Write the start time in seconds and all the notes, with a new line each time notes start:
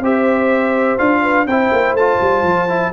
0.00 C4 G4 C5 E5
0.98 D4 F4 F5
1.22 B4
1.46 C4 E4 C5 G5
1.72 A#3
1.93 A3 A5
1.99 F4
2.21 G3
2.43 F3
2.68 E4